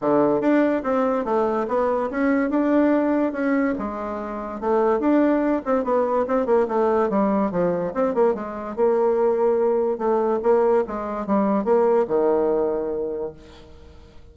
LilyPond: \new Staff \with { instrumentName = "bassoon" } { \time 4/4 \tempo 4 = 144 d4 d'4 c'4 a4 | b4 cis'4 d'2 | cis'4 gis2 a4 | d'4. c'8 b4 c'8 ais8 |
a4 g4 f4 c'8 ais8 | gis4 ais2. | a4 ais4 gis4 g4 | ais4 dis2. | }